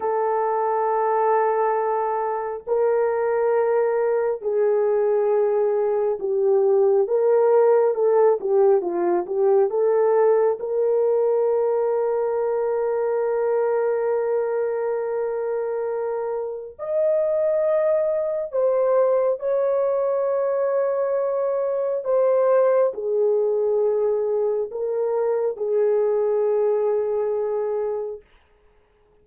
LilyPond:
\new Staff \with { instrumentName = "horn" } { \time 4/4 \tempo 4 = 68 a'2. ais'4~ | ais'4 gis'2 g'4 | ais'4 a'8 g'8 f'8 g'8 a'4 | ais'1~ |
ais'2. dis''4~ | dis''4 c''4 cis''2~ | cis''4 c''4 gis'2 | ais'4 gis'2. | }